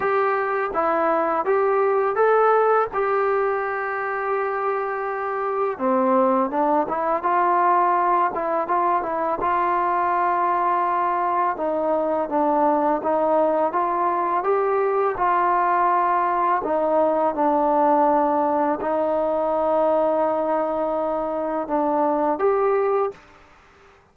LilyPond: \new Staff \with { instrumentName = "trombone" } { \time 4/4 \tempo 4 = 83 g'4 e'4 g'4 a'4 | g'1 | c'4 d'8 e'8 f'4. e'8 | f'8 e'8 f'2. |
dis'4 d'4 dis'4 f'4 | g'4 f'2 dis'4 | d'2 dis'2~ | dis'2 d'4 g'4 | }